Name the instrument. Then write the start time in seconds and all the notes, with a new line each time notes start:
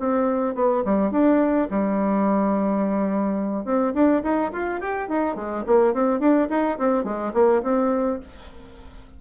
bassoon
0.00 C4
0.55 B3
0.85 G3
1.11 D4
1.71 G3
3.65 C4
3.94 D4
4.23 D#4
4.53 F4
4.81 G4
5.09 D#4
5.36 G#3
5.67 A#3
5.94 C4
6.20 D4
6.50 D#4
6.79 C4
7.04 G#3
7.34 A#3
7.63 C4